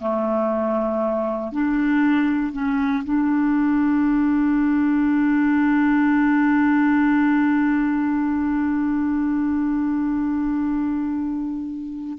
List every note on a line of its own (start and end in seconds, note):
0.00 1.52 A3
1.52 2.53 D4
2.53 3.04 C#4
3.05 12.19 D4